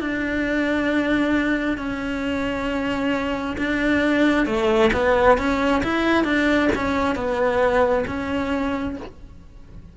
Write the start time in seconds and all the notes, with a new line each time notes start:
0.00 D4
1.77 C#4
3.58 D4
4.46 A3
4.93 B3
5.38 C#4
5.84 E4
6.24 D4
6.75 C#4
7.15 B3
8.07 C#4